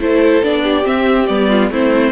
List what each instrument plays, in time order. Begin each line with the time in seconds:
0.00 cello A3, viola E4, violin A4 C5
0.43 cello B3, viola D4, violin D5
0.64 violin G4
0.83 viola C4, cello C4, violin E5
1.27 cello G3, viola B3, violin D5
1.49 violin F4
1.70 cello A3, viola C4, violin E4 C5